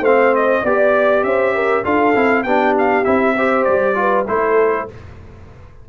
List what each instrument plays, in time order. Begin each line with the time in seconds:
0.00 tuba A3, trombone C4, horn C5, trumpet F5
0.35 trumpet D#5
0.62 tuba B3, trombone G4, horn D5, trumpet D5
1.24 tuba C#4, horn C5, trumpet E5
1.55 horn A#4
1.84 tuba D4, trombone F4, horn A4, trumpet F5
2.16 tuba C4, trombone E4
2.43 tuba B3, trombone D4, horn G4, trumpet G5
2.79 trumpet F5
3.04 tuba C4, trombone E4, trumpet E5
3.36 trombone G4, horn C5
3.64 tuba G3, trumpet D5
3.95 trombone F4, horn B4
4.28 tuba A3, trombone E4, horn A4, trumpet C5